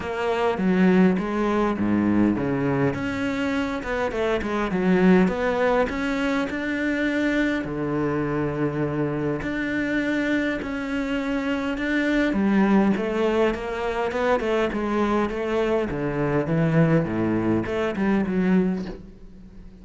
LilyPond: \new Staff \with { instrumentName = "cello" } { \time 4/4 \tempo 4 = 102 ais4 fis4 gis4 gis,4 | cis4 cis'4. b8 a8 gis8 | fis4 b4 cis'4 d'4~ | d'4 d2. |
d'2 cis'2 | d'4 g4 a4 ais4 | b8 a8 gis4 a4 d4 | e4 a,4 a8 g8 fis4 | }